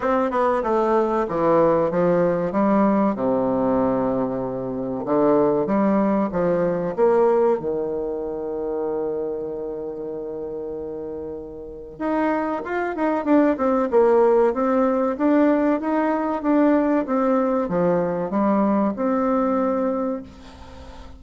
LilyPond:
\new Staff \with { instrumentName = "bassoon" } { \time 4/4 \tempo 4 = 95 c'8 b8 a4 e4 f4 | g4 c2. | d4 g4 f4 ais4 | dis1~ |
dis2. dis'4 | f'8 dis'8 d'8 c'8 ais4 c'4 | d'4 dis'4 d'4 c'4 | f4 g4 c'2 | }